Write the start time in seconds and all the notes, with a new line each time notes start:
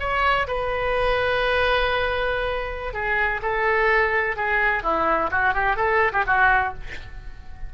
0.00 C#5
0.47 B4
2.94 G#4
3.42 A4
4.36 G#4
4.83 E4
5.31 F#4
5.54 G4
5.76 A4
6.12 G4
6.26 F#4